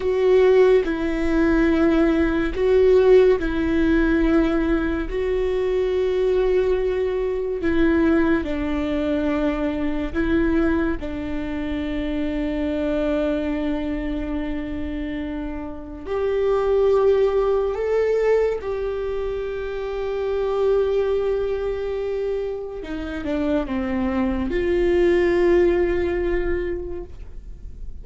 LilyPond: \new Staff \with { instrumentName = "viola" } { \time 4/4 \tempo 4 = 71 fis'4 e'2 fis'4 | e'2 fis'2~ | fis'4 e'4 d'2 | e'4 d'2.~ |
d'2. g'4~ | g'4 a'4 g'2~ | g'2. dis'8 d'8 | c'4 f'2. | }